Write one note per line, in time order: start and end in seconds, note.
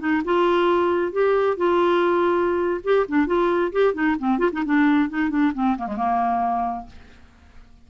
0.00 0.23 D#4
0.25 1.13 F4
1.13 1.57 G4
1.57 2.81 F4
2.84 3.07 G4
3.08 3.27 D4
3.27 3.72 F4
3.72 3.94 G4
3.94 4.16 D#4
4.19 4.39 C4
4.39 4.50 F4
4.53 4.64 D#4
4.66 5.09 D4
5.09 5.30 D#4
5.30 5.53 D4
5.54 5.77 C4
5.78 5.87 A#3
5.87 5.97 G#3
5.97 6.87 A#3